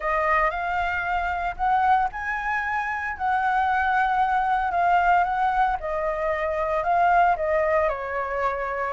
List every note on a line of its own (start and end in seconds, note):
0.00 0.50 D#5
0.50 1.55 F5
1.56 2.08 F#5
2.12 3.17 G#5
3.17 4.71 F#5
4.71 5.24 F5
5.24 5.76 F#5
5.80 6.83 D#5
6.83 7.36 F5
7.36 7.89 D#5
7.89 8.93 C#5